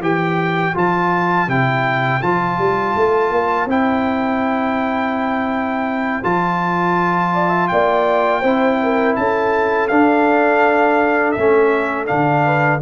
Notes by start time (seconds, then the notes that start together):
0.00 E3 G4 C5 G5
0.75 F3 F4 A5
1.48 C3 E4 G5
2.22 F3 F4 A5
2.59 G3
2.96 A3
3.31 A#3
3.66 C4 E4 G5
6.23 F3 F4 A5
7.34 D5
7.49 E5
7.68 A#3 D5 G5
8.41 C4 E4 C5
8.83 A#4
9.16 C#4 A4 A5
9.88 D4 F5
11.32 A3 E5
11.39 C#4
12.07 D3 D4 F5
12.45 B4